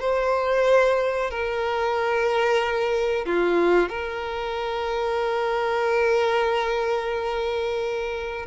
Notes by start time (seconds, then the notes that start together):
0.00 C5
1.30 A#4
3.25 F4
3.89 A#4